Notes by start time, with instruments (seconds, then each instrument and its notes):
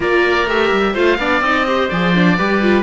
0.00 cello A#3, viola F4, oboe A#4 D5
0.47 cello A3, viola G4, oboe E5
0.71 cello G3
0.93 cello A3, viola F4, oboe C5 F5
1.18 cello B3, viola D4, oboe D5
1.41 cello C4, viola D#4, oboe D#5
1.66 viola G4, oboe C5
1.89 cello F3, viola G#4, oboe D5
2.14 viola D4
2.37 cello G3, viola G4, oboe B4
2.61 viola F4